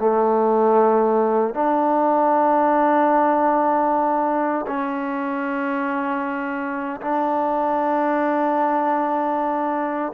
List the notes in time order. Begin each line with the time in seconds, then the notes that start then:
0.00 A3
1.55 D4
4.68 C#4
7.01 D4